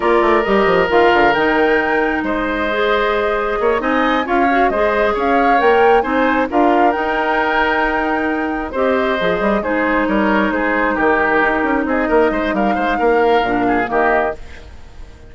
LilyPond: <<
  \new Staff \with { instrumentName = "flute" } { \time 4/4 \tempo 4 = 134 d''4 dis''4 f''4 g''4~ | g''4 dis''2.~ | dis''8 gis''4 f''4 dis''4 f''8~ | f''8 g''4 gis''4 f''4 g''8~ |
g''2.~ g''8 dis''8~ | dis''4. c''4 cis''4 c''8~ | c''8 ais'2 dis''4. | f''2. dis''4 | }
  \new Staff \with { instrumentName = "oboe" } { \time 4/4 ais'1~ | ais'4 c''2. | cis''8 dis''4 cis''4 c''4 cis''8~ | cis''4. c''4 ais'4.~ |
ais'2.~ ais'8 c''8~ | c''4. gis'4 ais'4 gis'8~ | gis'8 g'2 gis'8 ais'8 c''8 | ais'8 c''8 ais'4. gis'8 g'4 | }
  \new Staff \with { instrumentName = "clarinet" } { \time 4/4 f'4 g'4 f'4 dis'4~ | dis'2 gis'2~ | gis'8 dis'4 f'8 fis'8 gis'4.~ | gis'8 ais'4 dis'4 f'4 dis'8~ |
dis'2.~ dis'8 g'8~ | g'8 gis'4 dis'2~ dis'8~ | dis'1~ | dis'2 d'4 ais4 | }
  \new Staff \with { instrumentName = "bassoon" } { \time 4/4 ais8 a8 g8 f8 dis8 d8 dis4~ | dis4 gis2. | ais8 c'4 cis'4 gis4 cis'8~ | cis'8 ais4 c'4 d'4 dis'8~ |
dis'2.~ dis'8 c'8~ | c'8 f8 g8 gis4 g4 gis8~ | gis8 dis4 dis'8 cis'8 c'8 ais8 gis8 | g8 gis8 ais4 ais,4 dis4 | }
>>